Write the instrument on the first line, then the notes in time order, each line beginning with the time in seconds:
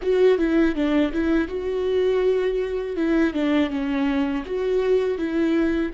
viola
0.02 F#4
0.38 E4
0.75 D4
1.12 E4
1.48 F#4
2.96 E4
3.33 D4
3.69 C#4
4.45 F#4
5.18 E4